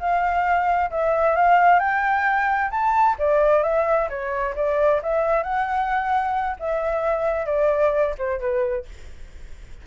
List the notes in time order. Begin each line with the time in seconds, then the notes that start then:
0.00 F5
0.91 E5
1.36 F5
1.80 G5
2.71 A5
3.19 D5
3.63 E5
4.10 C#5
4.56 D5
5.03 E5
5.43 F#5
6.60 E5
7.46 D5
8.19 C5
8.40 B4